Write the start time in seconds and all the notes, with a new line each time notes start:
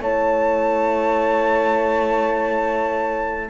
0.00 A3 E4 C#5 A5